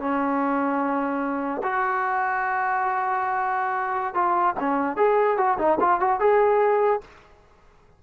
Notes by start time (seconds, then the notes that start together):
0.00 C#4
1.63 F#4
4.14 F4
4.60 C#4
4.97 G#4
5.38 F#4
5.58 D#4
5.81 F4
6.00 F#4
6.20 G#4